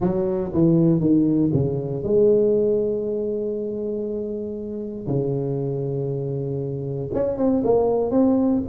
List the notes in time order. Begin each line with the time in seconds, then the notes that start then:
0.00 F#3
0.53 E3
1.00 D#3
1.53 C#3
2.03 G#3
5.06 C#3
7.13 C#4
7.37 C4
7.64 A#3
8.11 C4